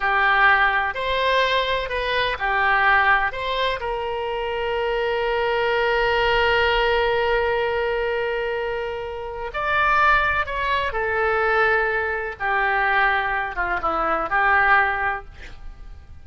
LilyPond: \new Staff \with { instrumentName = "oboe" } { \time 4/4 \tempo 4 = 126 g'2 c''2 | b'4 g'2 c''4 | ais'1~ | ais'1~ |
ais'1 | d''2 cis''4 a'4~ | a'2 g'2~ | g'8 f'8 e'4 g'2 | }